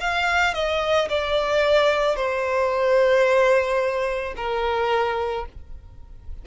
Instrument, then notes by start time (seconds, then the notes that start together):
violin
0.00 F5
0.54 D#5
1.09 D5
2.16 C5
4.36 A#4